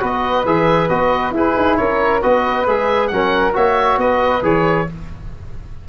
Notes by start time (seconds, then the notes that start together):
0.00 B3 F#4 B4 D#5
0.45 E3 G#4 E5
0.89 B3 F#4 D#5
1.31 E4 G#4 B4
1.57 D#4
1.77 C#4 A#4 C#5
2.22 B3 F#4 B4 D#5
2.67 G#3 G#4 E5
3.08 F#3 C#4 A#4 F#5
3.53 A#3 F#4 C#5 E5
3.97 B3 B4 D#5
4.43 E3 G#4 C#5